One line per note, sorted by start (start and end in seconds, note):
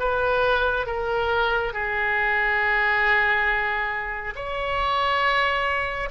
0.00 0.87 B4
0.87 1.74 A#4
1.74 4.34 G#4
4.36 6.09 C#5